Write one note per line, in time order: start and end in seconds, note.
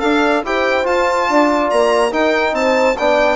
0.00 0.44 D4
0.00 0.43 A4
0.00 0.45 D5
0.00 0.42 F5
0.44 0.86 E4
0.44 0.84 G4
0.44 1.30 C5
0.44 0.86 G5
0.84 2.10 F4
0.84 1.28 F4
0.84 1.70 A5
1.29 1.71 D4
1.29 2.11 D5
1.70 2.12 A#3
1.70 2.12 A#5
2.11 2.95 D#4
2.11 2.53 D#4
2.11 2.54 A#4
2.11 2.55 G5
2.53 2.95 C4
2.53 2.98 C5
2.53 2.97 A5
2.98 3.36 B3
2.98 3.36 D4
2.98 3.36 D5
2.98 3.36 G5